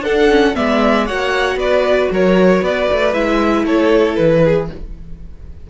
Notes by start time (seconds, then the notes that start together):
0.00 D4 A4 F#5
0.06 D4
0.30 C#4
0.55 G#3 B3 D5 E5
1.06 A#3 F#4 C#5 F#5
1.56 B3 B4 D5
2.11 F#3 A#4 C#5
2.61 B3 B4 D5
2.92 A3
3.13 G#3 E4 E5
3.64 A3 A4 C#5
4.16 E3 B4
4.44 G#4